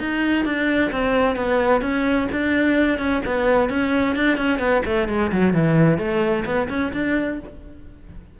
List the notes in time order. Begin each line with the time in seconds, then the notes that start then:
0.00 D#4
0.45 D4
0.92 C4
1.36 B3
1.82 C#4
2.32 D4
2.99 C#4
3.25 B3
3.70 C#4
4.16 D4
4.37 C#4
4.59 B3
4.86 A3
5.08 G#3
5.32 F#3
5.54 E3
5.99 A3
6.45 B3
6.69 C#4
6.93 D4